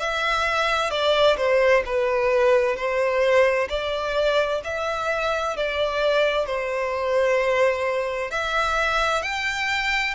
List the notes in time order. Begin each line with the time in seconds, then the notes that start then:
0.00 E5
0.90 D5
1.37 C5
1.86 B4
2.76 C5
3.69 D5
4.64 E5
5.57 D5
6.46 C5
8.31 E5
9.23 G5